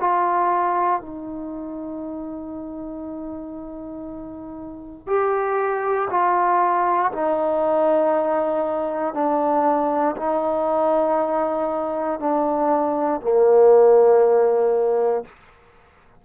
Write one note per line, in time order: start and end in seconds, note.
0.00 1.00 F4
1.00 5.07 D#4
5.07 6.08 G4
6.10 7.11 F4
7.12 9.14 D#4
9.14 10.16 D4
10.16 12.19 D#4
12.19 13.21 D4
13.21 15.24 A#3